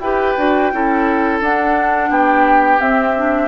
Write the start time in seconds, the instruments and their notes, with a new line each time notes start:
0.00 bassoon E4, clarinet G4, oboe B4, flute G5
0.38 bassoon D4, clarinet F#4
0.73 bassoon C#4, clarinet E4, oboe A4
1.41 bassoon D4, clarinet D4, flute F#5
2.10 bassoon B3, oboe G4, flute G5
2.79 clarinet C4, bassoon C4, flute E5
3.17 clarinet D4